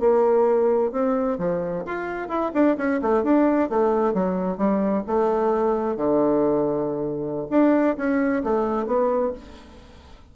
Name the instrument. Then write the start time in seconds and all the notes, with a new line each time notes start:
bassoon
0.00 A#3
0.92 C4
1.38 F3
1.86 F4
2.29 E4
2.54 D4
2.78 C#4
3.02 A3
3.23 D4
3.70 A3
4.14 F#3
4.58 G3
5.07 A3
5.97 D3
7.50 D4
7.97 C#4
8.44 A3
8.87 B3